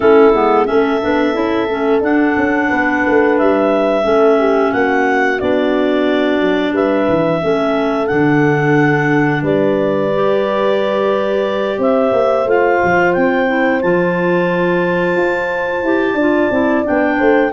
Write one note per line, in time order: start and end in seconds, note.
0.00 0.34 A3
0.00 0.32 C#4
0.00 0.67 E4
0.00 0.65 A4
0.33 0.67 G#3
0.33 0.66 B3
0.65 1.03 A3
0.65 0.99 C#4
0.65 2.68 A4
0.65 2.00 E5
1.01 1.34 B3
1.01 1.33 D4
1.33 1.68 C#4
1.33 1.67 E4
1.68 2.00 A3
1.68 2.02 C#4
2.00 2.34 D4
2.00 4.02 D4
2.00 3.38 F#5
2.37 2.71 C#4
2.68 3.05 B3
2.68 4.03 B4
3.07 3.40 A3
3.38 4.05 G3
3.38 4.72 E5
4.02 4.72 A3
4.02 5.37 C#4
4.02 4.38 A4
4.38 4.72 G4
4.72 5.41 A#3
4.72 6.73 F#4
4.72 5.39 F#5
5.39 6.41 B3
5.39 7.41 D4
5.39 6.74 D5
6.41 6.72 F#3
6.72 7.06 G3
6.72 7.41 B4
6.72 8.06 E5
7.08 7.42 E3
7.41 8.10 A3
7.41 8.07 C#4
7.41 9.42 A4
8.06 9.42 D3
8.06 10.09 D4
8.06 9.41 F#5
9.42 11.78 G3
9.42 11.78 B4
9.42 11.80 D5
10.14 12.47 G4
11.78 12.12 C4
11.78 16.14 C5
11.78 12.49 E5
12.12 12.45 A#3
12.45 12.79 A3
12.45 13.46 F4
12.45 13.13 F5
12.83 13.16 F3
13.13 13.83 C4
13.13 13.80 G5
13.46 13.80 E4
13.81 15.16 F3
13.81 15.84 F4
13.81 16.84 A5
15.16 15.82 F4
15.82 16.14 E4
15.82 16.17 G4
16.14 16.47 D4
16.14 16.51 F4
16.14 17.16 D5
16.50 16.84 C4
16.50 16.84 E4
16.84 17.20 B3
16.84 17.51 D4
16.84 17.52 G5
17.17 17.52 A3
17.17 17.51 C5